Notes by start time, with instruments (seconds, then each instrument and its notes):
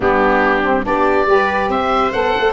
0.00 tuba G3, saxophone B3, viola D4, oboe G4
0.62 saxophone C4
0.83 tuba B3, saxophone D4, viola G4, oboe D5
1.26 tuba G3, saxophone G4, viola B4
1.68 tuba C4, viola C5, oboe E5
2.12 tuba B3, saxophone A4, oboe F#5
2.37 tuba A3